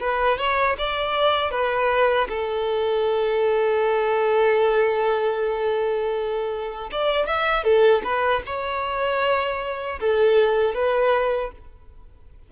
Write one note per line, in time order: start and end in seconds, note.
0.00 0.38 B4
0.38 0.76 C#5
0.78 1.51 D5
1.51 2.28 B4
2.29 6.90 A4
6.91 7.26 D5
7.26 7.63 E5
7.63 8.02 A4
8.03 8.42 B4
8.46 10.00 C#5
10.00 10.74 A4
10.74 11.51 B4